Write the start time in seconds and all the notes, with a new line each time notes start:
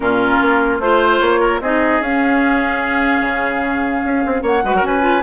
0.00 A#2 C#4 F4 A#4
0.41 A#3
0.79 A3 F4 C5
1.19 A#3 C#5
1.40 A#4
1.60 C4 D#4 G#4 D#5
2.00 C#4 F5
3.21 C#3
4.04 C#4
4.25 C4
4.42 A#3 C#5 F#5
4.63 G#3 F#4 B4
4.73 F#3 A#4
4.83 C#4 B4 G#5
5.01 F4